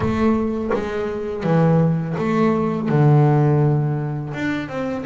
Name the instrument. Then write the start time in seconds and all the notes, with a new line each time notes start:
double bass
0.00 A3
0.73 G#3
1.43 E3
2.18 A3
2.88 D3
4.33 D4
4.68 C4